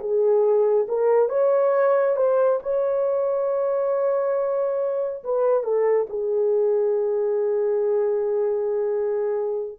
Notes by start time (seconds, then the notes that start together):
0.00 G#4
0.89 A#4
1.29 C#5
2.17 C5
2.63 C#5
5.24 B4
5.64 A4
6.09 G#4